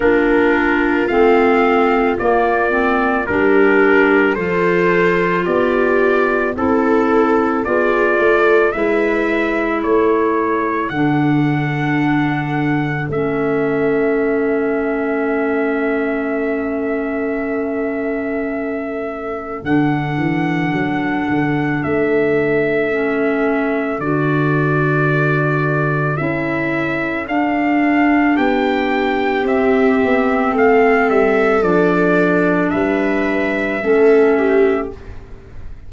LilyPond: <<
  \new Staff \with { instrumentName = "trumpet" } { \time 4/4 \tempo 4 = 55 ais'4 f''4 d''4 ais'4 | c''4 d''4 a'4 d''4 | e''4 cis''4 fis''2 | e''1~ |
e''2 fis''2 | e''2 d''2 | e''4 f''4 g''4 e''4 | f''8 e''8 d''4 e''2 | }
  \new Staff \with { instrumentName = "viola" } { \time 4/4 f'2. g'4 | a'4 g'4 a'4 gis'8 a'8 | b'4 a'2.~ | a'1~ |
a'1~ | a'1~ | a'2 g'2 | a'2 b'4 a'8 g'8 | }
  \new Staff \with { instrumentName = "clarinet" } { \time 4/4 d'4 c'4 ais8 c'8 d'4 | f'2 e'4 f'4 | e'2 d'2 | cis'1~ |
cis'2 d'2~ | d'4 cis'4 fis'2 | e'4 d'2 c'4~ | c'4 d'2 cis'4 | }
  \new Staff \with { instrumentName = "tuba" } { \time 4/4 ais4 a4 ais4 g4 | f4 b4 c'4 b8 a8 | gis4 a4 d2 | a1~ |
a2 d8 e8 fis8 d8 | a2 d2 | cis'4 d'4 b4 c'8 b8 | a8 g8 f4 g4 a4 | }
>>